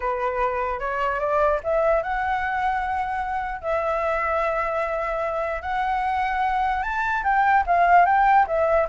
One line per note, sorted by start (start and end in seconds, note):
0.00 0.79 B4
0.79 1.19 C#5
1.19 1.60 D5
1.63 2.02 E5
2.02 3.61 F#5
3.61 5.62 E5
5.62 6.83 F#5
6.83 7.23 A5
7.23 7.64 G5
7.66 8.05 F5
8.05 8.45 G5
8.47 8.87 E5